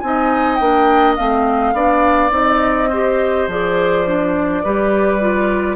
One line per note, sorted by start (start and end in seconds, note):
0.00 0.60 C4
0.00 0.61 D#4
0.00 0.56 G#5
0.07 1.75 D#5
0.56 1.18 A#3
0.56 1.18 D4
0.56 1.14 G5
1.16 1.74 A3
1.16 1.75 C4
1.16 2.31 F5
1.74 2.31 B3
1.74 2.31 D4
1.74 2.90 D5
2.31 3.47 C4
2.31 2.88 D#4
2.31 3.50 D#5
2.90 3.51 G4
2.90 4.63 C5
3.48 4.63 F3
3.48 4.07 G#4
3.48 5.76 D5
4.07 4.65 D4
4.64 5.76 G3
4.64 5.21 G4
4.64 5.76 B4
5.21 5.76 F4